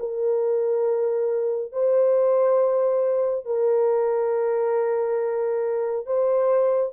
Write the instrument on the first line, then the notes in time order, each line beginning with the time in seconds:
horn
0.00 A#4
1.73 C5
3.46 A#4
6.07 C5